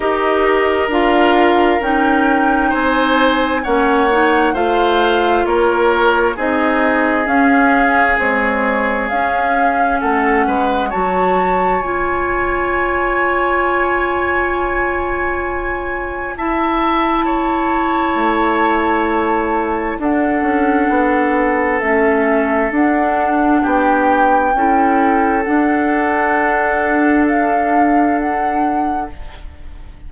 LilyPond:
<<
  \new Staff \with { instrumentName = "flute" } { \time 4/4 \tempo 4 = 66 dis''4 f''4 g''4 gis''4 | fis''4 f''4 cis''4 dis''4 | f''4 cis''4 f''4 fis''4 | a''4 gis''2.~ |
gis''2 a''2~ | a''2 fis''2 | e''4 fis''4 g''2 | fis''2 f''4 fis''4 | }
  \new Staff \with { instrumentName = "oboe" } { \time 4/4 ais'2. c''4 | cis''4 c''4 ais'4 gis'4~ | gis'2. a'8 b'8 | cis''1~ |
cis''2 e''4 cis''4~ | cis''2 a'2~ | a'2 g'4 a'4~ | a'1 | }
  \new Staff \with { instrumentName = "clarinet" } { \time 4/4 g'4 f'4 dis'2 | cis'8 dis'8 f'2 dis'4 | cis'4 gis4 cis'2 | fis'4 f'2.~ |
f'2 e'2~ | e'2 d'2 | cis'4 d'2 e'4 | d'1 | }
  \new Staff \with { instrumentName = "bassoon" } { \time 4/4 dis'4 d'4 cis'4 c'4 | ais4 a4 ais4 c'4 | cis'4 c'4 cis'4 a8 gis8 | fis4 cis'2.~ |
cis'1 | a2 d'8 cis'8 b4 | a4 d'4 b4 cis'4 | d'1 | }
>>